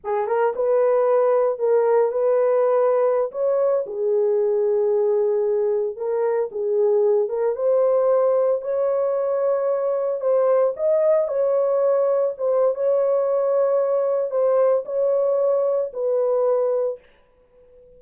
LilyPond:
\new Staff \with { instrumentName = "horn" } { \time 4/4 \tempo 4 = 113 gis'8 ais'8 b'2 ais'4 | b'2~ b'16 cis''4 gis'8.~ | gis'2.~ gis'16 ais'8.~ | ais'16 gis'4. ais'8 c''4.~ c''16~ |
c''16 cis''2. c''8.~ | c''16 dis''4 cis''2 c''8. | cis''2. c''4 | cis''2 b'2 | }